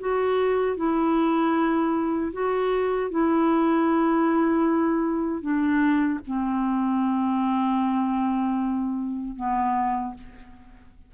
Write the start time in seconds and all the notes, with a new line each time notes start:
0.00 F#4
0.77 E4
2.33 F#4
3.11 E4
5.42 D4
6.27 C4
9.36 B3